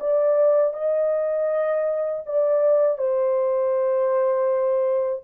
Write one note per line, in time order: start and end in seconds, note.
0.00 0.74 D5
0.74 2.24 D#5
2.26 2.98 D5
2.98 5.23 C5